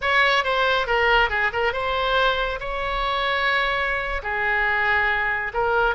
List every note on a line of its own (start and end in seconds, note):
0.01 0.43 C#5
0.43 0.86 C5
0.86 1.29 A#4
1.29 1.51 G#4
1.52 1.73 A#4
1.73 2.59 C5
2.60 4.21 C#5
4.23 5.52 G#4
5.53 5.95 A#4